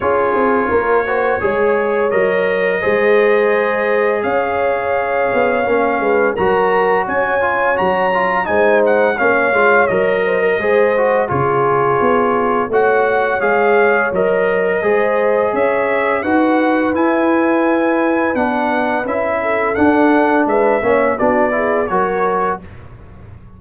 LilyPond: <<
  \new Staff \with { instrumentName = "trumpet" } { \time 4/4 \tempo 4 = 85 cis''2. dis''4~ | dis''2 f''2~ | f''4 ais''4 gis''4 ais''4 | gis''8 fis''8 f''4 dis''2 |
cis''2 fis''4 f''4 | dis''2 e''4 fis''4 | gis''2 fis''4 e''4 | fis''4 e''4 d''4 cis''4 | }
  \new Staff \with { instrumentName = "horn" } { \time 4/4 gis'4 ais'8 c''8 cis''2 | c''2 cis''2~ | cis''8 b'8 ais'4 cis''2 | c''4 cis''4. c''16 ais'16 c''4 |
gis'2 cis''2~ | cis''4 c''4 cis''4 b'4~ | b'2.~ b'8 a'8~ | a'4 b'8 cis''8 fis'8 gis'8 ais'4 | }
  \new Staff \with { instrumentName = "trombone" } { \time 4/4 f'4. fis'8 gis'4 ais'4 | gis'1 | cis'4 fis'4. f'8 fis'8 f'8 | dis'4 cis'8 f'8 ais'4 gis'8 fis'8 |
f'2 fis'4 gis'4 | ais'4 gis'2 fis'4 | e'2 d'4 e'4 | d'4. cis'8 d'8 e'8 fis'4 | }
  \new Staff \with { instrumentName = "tuba" } { \time 4/4 cis'8 c'8 ais4 gis4 fis4 | gis2 cis'4. b8 | ais8 gis8 fis4 cis'4 fis4 | gis4 ais8 gis8 fis4 gis4 |
cis4 b4 a4 gis4 | fis4 gis4 cis'4 dis'4 | e'2 b4 cis'4 | d'4 gis8 ais8 b4 fis4 | }
>>